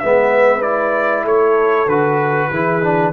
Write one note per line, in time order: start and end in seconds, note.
0.00 1.25 G#3
0.00 0.62 B3
0.00 1.24 B4
0.00 0.62 E5
0.62 1.87 E4
0.62 1.25 D5
1.24 1.87 A3
1.24 2.49 A4
1.24 1.89 C#5
1.87 2.49 D3
1.87 2.52 F#4
1.87 3.13 B4
2.51 3.13 E3
2.51 2.83 E4
2.51 3.13 G#4
2.83 3.13 D4